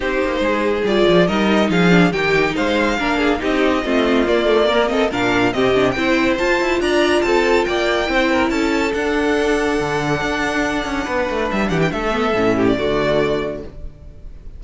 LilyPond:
<<
  \new Staff \with { instrumentName = "violin" } { \time 4/4 \tempo 4 = 141 c''2 d''4 dis''4 | f''4 g''4 f''2 | dis''2 d''4. dis''8 | f''4 dis''4 g''4 a''4 |
ais''4 a''4 g''2 | a''4 fis''2.~ | fis''2. e''8 fis''16 g''16 | e''4.~ e''16 d''2~ d''16 | }
  \new Staff \with { instrumentName = "violin" } { \time 4/4 g'4 gis'2 ais'4 | gis'4 g'4 c''4 ais'8 gis'8 | g'4 f'2 ais'8 a'8 | ais'4 g'4 c''2 |
d''4 a'4 d''4 c''8 ais'8 | a'1~ | a'2 b'4. g'8 | a'4. g'8 fis'2 | }
  \new Staff \with { instrumentName = "viola" } { \time 4/4 dis'2 f'4 dis'4~ | dis'8 d'8 dis'2 d'4 | dis'4 c'4 ais8 a8 ais8 c'8 | d'4 c'8 d'8 e'4 f'4~ |
f'2. e'4~ | e'4 d'2.~ | d'1~ | d'8 b8 cis'4 a2 | }
  \new Staff \with { instrumentName = "cello" } { \time 4/4 c'8 ais8 gis4 g8 f8 g4 | f4 dis4 gis4 ais4 | c'4 a4 ais2 | ais,4 c4 c'4 f'8 e'8 |
d'4 c'4 ais4 c'4 | cis'4 d'2 d4 | d'4. cis'8 b8 a8 g8 e8 | a4 a,4 d2 | }
>>